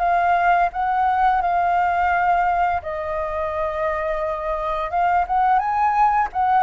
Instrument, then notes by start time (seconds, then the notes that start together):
flute
0.00 F5
0.73 F#5
1.42 F5
2.83 D#5
4.91 F5
5.28 F#5
5.59 G#5
6.33 F#5